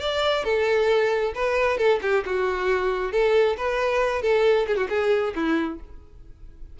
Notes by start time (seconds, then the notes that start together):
0.00 D5
0.44 A4
1.35 B4
1.78 A4
2.02 G4
2.26 F#4
3.12 A4
3.57 B4
4.22 A4
4.67 G#4
4.77 F#4
4.89 G#4
5.35 E4